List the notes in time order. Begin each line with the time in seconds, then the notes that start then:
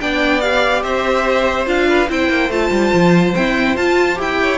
0.00 B3 D4 D5 G5
0.40 G4 F5
0.83 C4 C5 E5
1.65 D4 F4 F5
1.88 B4
2.08 C4 E4 C5 G5
2.29 A#3
2.49 A3 F4 A5
2.71 G3
2.93 F3
3.34 C4 E4 G5
3.75 F4 A5
4.15 E4 G4 G5
4.41 C#5